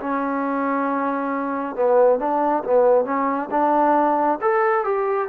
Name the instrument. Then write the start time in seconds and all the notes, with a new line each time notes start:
trombone
0.00 C#4
1.76 B3
2.19 D4
2.64 B3
3.05 C#4
3.51 D4
4.42 A4
4.84 G4